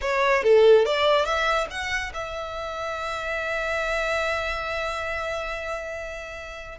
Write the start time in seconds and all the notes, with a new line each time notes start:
0.01 C#5
0.43 A4
0.85 D5
1.25 E5
1.70 F#5
2.13 E5